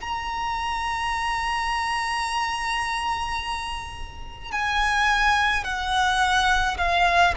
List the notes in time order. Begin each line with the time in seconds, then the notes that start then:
0.00 A#5
4.52 G#5
5.64 F#5
6.77 F5